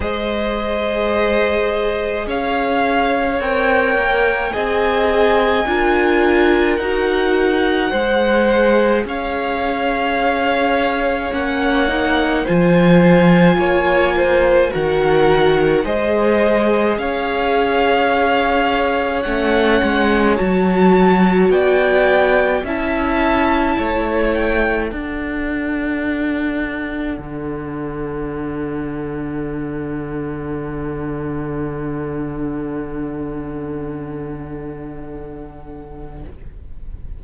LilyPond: <<
  \new Staff \with { instrumentName = "violin" } { \time 4/4 \tempo 4 = 53 dis''2 f''4 g''4 | gis''2 fis''2 | f''2 fis''4 gis''4~ | gis''4 fis''4 dis''4 f''4~ |
f''4 fis''4 a''4 g''4 | a''4. g''8 fis''2~ | fis''1~ | fis''1 | }
  \new Staff \with { instrumentName = "violin" } { \time 4/4 c''2 cis''2 | dis''4 ais'2 c''4 | cis''2. c''4 | cis''8 c''8 ais'4 c''4 cis''4~ |
cis''2. d''4 | e''4 cis''4 a'2~ | a'1~ | a'1 | }
  \new Staff \with { instrumentName = "viola" } { \time 4/4 gis'2. ais'4 | gis'4 f'4 fis'4 gis'4~ | gis'2 cis'8 dis'8 f'4~ | f'4 fis'4 gis'2~ |
gis'4 cis'4 fis'2 | e'2 d'2~ | d'1~ | d'1 | }
  \new Staff \with { instrumentName = "cello" } { \time 4/4 gis2 cis'4 c'8 ais8 | c'4 d'4 dis'4 gis4 | cis'2 ais4 f4 | ais4 dis4 gis4 cis'4~ |
cis'4 a8 gis8 fis4 b4 | cis'4 a4 d'2 | d1~ | d1 | }
>>